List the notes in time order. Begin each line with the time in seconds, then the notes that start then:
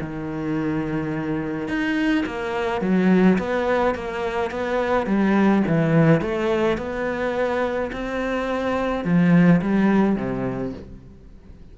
0.00 D#3
1.67 D#4
2.26 A#3
2.81 F#3
3.38 B3
3.94 A#3
4.51 B3
5.06 G3
5.67 E3
6.21 A3
6.77 B3
7.92 C4
9.04 F3
9.61 G3
10.16 C3